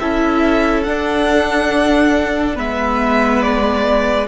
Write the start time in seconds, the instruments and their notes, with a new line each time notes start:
0.00 cello C#4, viola E4, violin A4 E5
0.84 viola D4, cello D4, violin F#5
2.55 cello G#3, viola B3, violin B4 E5
3.42 violin D5